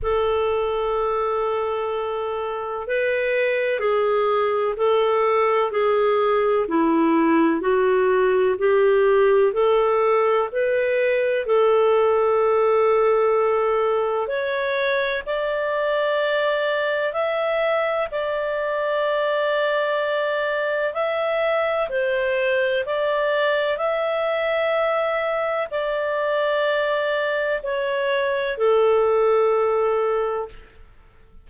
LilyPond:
\new Staff \with { instrumentName = "clarinet" } { \time 4/4 \tempo 4 = 63 a'2. b'4 | gis'4 a'4 gis'4 e'4 | fis'4 g'4 a'4 b'4 | a'2. cis''4 |
d''2 e''4 d''4~ | d''2 e''4 c''4 | d''4 e''2 d''4~ | d''4 cis''4 a'2 | }